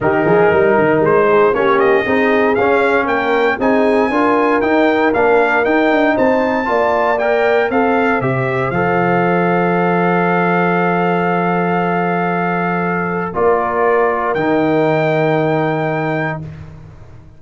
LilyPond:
<<
  \new Staff \with { instrumentName = "trumpet" } { \time 4/4 \tempo 4 = 117 ais'2 c''4 cis''8 dis''8~ | dis''4 f''4 g''4 gis''4~ | gis''4 g''4 f''4 g''4 | a''2 g''4 f''4 |
e''4 f''2.~ | f''1~ | f''2 d''2 | g''1 | }
  \new Staff \with { instrumentName = "horn" } { \time 4/4 g'8 gis'8 ais'4. gis'8 g'4 | gis'2 ais'4 gis'4 | ais'1 | c''4 d''2 c''4~ |
c''1~ | c''1~ | c''2 ais'2~ | ais'1 | }
  \new Staff \with { instrumentName = "trombone" } { \time 4/4 dis'2. cis'4 | dis'4 cis'2 dis'4 | f'4 dis'4 d'4 dis'4~ | dis'4 f'4 ais'4 a'4 |
g'4 a'2.~ | a'1~ | a'2 f'2 | dis'1 | }
  \new Staff \with { instrumentName = "tuba" } { \time 4/4 dis8 f8 g8 dis8 gis4 ais4 | c'4 cis'4 ais4 c'4 | d'4 dis'4 ais4 dis'8 d'8 | c'4 ais2 c'4 |
c4 f2.~ | f1~ | f2 ais2 | dis1 | }
>>